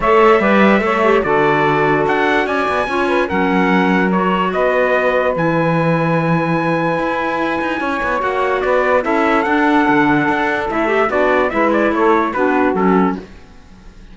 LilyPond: <<
  \new Staff \with { instrumentName = "trumpet" } { \time 4/4 \tempo 4 = 146 e''2. d''4~ | d''4 fis''4 gis''2 | fis''2 cis''4 dis''4~ | dis''4 gis''2.~ |
gis''1 | fis''4 d''4 e''4 fis''4~ | fis''2 e''4 d''4 | e''8 d''8 cis''4 b'4 a'4 | }
  \new Staff \with { instrumentName = "saxophone" } { \time 4/4 cis''4 d''4 cis''4 a'4~ | a'2 d''4 cis''8 b'8 | ais'2. b'4~ | b'1~ |
b'2. cis''4~ | cis''4 b'4 a'2~ | a'2. d'4 | b'4 a'4 fis'2 | }
  \new Staff \with { instrumentName = "clarinet" } { \time 4/4 a'4 b'4 a'8 g'8 fis'4~ | fis'2. f'4 | cis'2 fis'2~ | fis'4 e'2.~ |
e'1 | fis'2 e'4 d'4~ | d'2 e'8 g'8 fis'4 | e'2 d'4 cis'4 | }
  \new Staff \with { instrumentName = "cello" } { \time 4/4 a4 g4 a4 d4~ | d4 d'4 cis'8 b8 cis'4 | fis2. b4~ | b4 e2.~ |
e4 e'4. dis'8 cis'8 b8 | ais4 b4 cis'4 d'4 | d4 d'4 a4 b4 | gis4 a4 b4 fis4 | }
>>